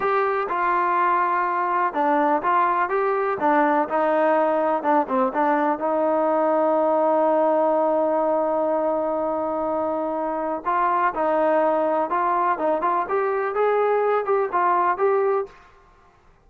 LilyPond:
\new Staff \with { instrumentName = "trombone" } { \time 4/4 \tempo 4 = 124 g'4 f'2. | d'4 f'4 g'4 d'4 | dis'2 d'8 c'8 d'4 | dis'1~ |
dis'1~ | dis'2 f'4 dis'4~ | dis'4 f'4 dis'8 f'8 g'4 | gis'4. g'8 f'4 g'4 | }